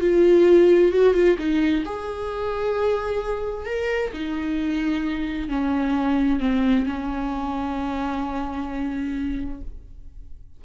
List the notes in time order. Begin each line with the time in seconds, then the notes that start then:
0.00 F4
0.92 F#4
1.14 F4
1.38 D#4
1.85 G#4
3.66 A#4
4.13 D#4
5.49 C#4
6.40 C4
6.86 C#4